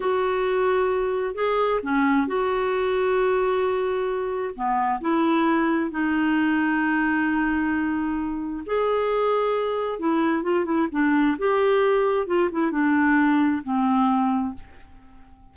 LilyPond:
\new Staff \with { instrumentName = "clarinet" } { \time 4/4 \tempo 4 = 132 fis'2. gis'4 | cis'4 fis'2.~ | fis'2 b4 e'4~ | e'4 dis'2.~ |
dis'2. gis'4~ | gis'2 e'4 f'8 e'8 | d'4 g'2 f'8 e'8 | d'2 c'2 | }